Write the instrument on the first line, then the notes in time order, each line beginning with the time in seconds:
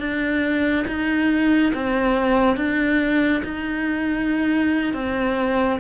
cello
0.00 D4
0.87 D#4
1.74 C4
2.57 D4
3.44 D#4
4.94 C4